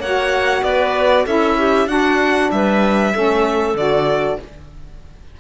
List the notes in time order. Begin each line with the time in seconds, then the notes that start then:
0.00 A#3 F#4 C#5 F#5
0.64 B3 B4 D5
1.26 C#4 E4 A4 E5
1.59 G4
1.87 D4 F#4 F#5
2.52 G3 B4 E5
3.13 A3 C#4 A4
3.75 D3 F#4 D5